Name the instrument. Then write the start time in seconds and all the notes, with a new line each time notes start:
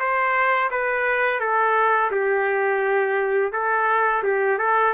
trumpet
0.00 C5
0.71 B4
1.41 A4
2.12 G4
3.53 A4
4.24 G4
4.59 A4